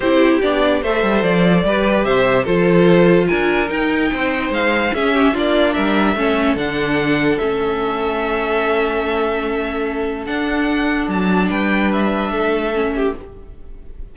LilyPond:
<<
  \new Staff \with { instrumentName = "violin" } { \time 4/4 \tempo 4 = 146 c''4 d''4 e''4 d''4~ | d''4 e''4 c''2 | gis''4 g''2 f''4 | e''4 d''4 e''2 |
fis''2 e''2~ | e''1~ | e''4 fis''2 a''4 | g''4 e''2. | }
  \new Staff \with { instrumentName = "violin" } { \time 4/4 g'2 c''2 | b'4 c''4 a'2 | ais'2 c''2 | gis'8 g'8 f'4 ais'4 a'4~ |
a'1~ | a'1~ | a'1 | b'2 a'4. g'8 | }
  \new Staff \with { instrumentName = "viola" } { \time 4/4 e'4 d'4 a'2 | g'2 f'2~ | f'4 dis'2. | cis'4 d'2 cis'4 |
d'2 cis'2~ | cis'1~ | cis'4 d'2.~ | d'2. cis'4 | }
  \new Staff \with { instrumentName = "cello" } { \time 4/4 c'4 b4 a8 g8 f4 | g4 c4 f2 | d'4 dis'4 c'4 gis4 | cis'4 ais4 g4 a4 |
d2 a2~ | a1~ | a4 d'2 fis4 | g2 a2 | }
>>